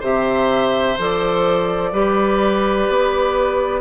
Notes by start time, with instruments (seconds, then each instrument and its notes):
0.00 bassoon C3, clarinet G4, oboe C5, flute E5
0.98 bassoon F3, clarinet A4, flute D5
1.93 bassoon G3, clarinet G4, oboe B4
2.89 bassoon B3